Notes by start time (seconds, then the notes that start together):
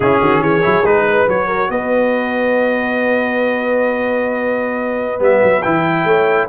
0.00 C#3 C#4 E4 G#4
0.20 D#3 F#4
0.40 E3 G#4 C#5
0.62 F#3 E4
0.84 G#3 D#4 B4
1.07 B4
1.27 F#3 F#4 C#5
1.47 A#4
1.69 B3 B4 D#5
5.19 G3 B3 E5
5.43 F#3
5.62 E3 E4 G5
6.04 A3 C#5